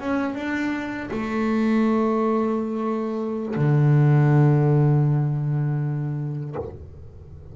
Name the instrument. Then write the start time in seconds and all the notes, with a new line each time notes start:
double bass
0.00 C#4
0.35 D4
1.11 A3
3.56 D3